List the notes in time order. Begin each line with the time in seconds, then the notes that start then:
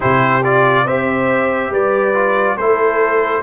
0.00 C3 E4 G4 C5
0.44 F4 D5
0.84 C4 G4 C5 E5
1.70 G3 B4 D5
2.14 F4
2.57 A3 E4 A4 C5